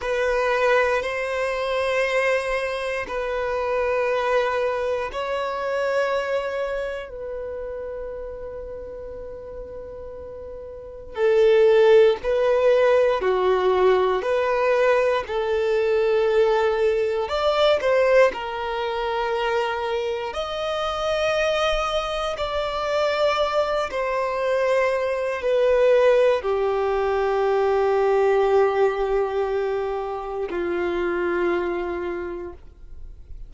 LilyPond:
\new Staff \with { instrumentName = "violin" } { \time 4/4 \tempo 4 = 59 b'4 c''2 b'4~ | b'4 cis''2 b'4~ | b'2. a'4 | b'4 fis'4 b'4 a'4~ |
a'4 d''8 c''8 ais'2 | dis''2 d''4. c''8~ | c''4 b'4 g'2~ | g'2 f'2 | }